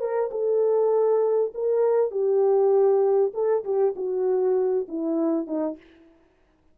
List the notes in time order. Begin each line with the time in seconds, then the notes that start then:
0.00 A#4
0.31 A4
1.55 A#4
2.12 G4
3.34 A4
3.64 G4
3.96 F#4
4.88 E4
5.47 D#4